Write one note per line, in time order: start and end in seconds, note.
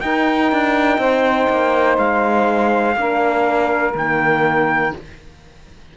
0.00 2.95 D#4
0.00 0.52 D#4
0.00 1.00 A#4
0.00 1.97 G5
0.52 0.98 D4
0.98 1.47 C4
0.98 2.97 C5
1.50 1.98 A#3
1.98 2.96 G#3
1.98 3.95 F5
2.96 3.94 A#3
2.96 3.95 D4
2.96 4.97 A#4
3.95 4.93 D#3
3.95 4.94 A#3
3.95 4.96 G5